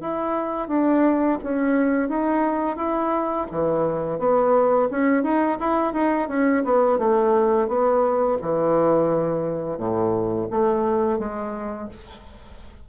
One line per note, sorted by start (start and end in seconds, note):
0.00 0.68 E4
0.68 1.38 D4
1.43 2.08 C#4
2.08 2.76 D#4
2.76 3.46 E4
3.51 4.19 E3
4.19 4.88 B3
4.91 5.23 C#4
5.23 5.58 D#4
5.59 5.93 E4
5.93 6.28 D#4
6.28 6.63 C#4
6.64 6.98 B3
6.98 7.68 A3
7.68 8.38 B3
8.41 9.77 E3
9.77 10.47 A2
10.50 11.18 A3
11.18 11.88 G#3